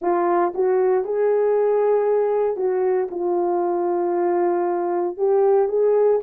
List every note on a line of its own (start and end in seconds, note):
0.01 0.53 F4
0.54 1.04 F#4
1.04 2.56 G#4
2.56 3.08 F#4
3.10 5.17 F4
5.17 5.68 G4
5.68 6.20 G#4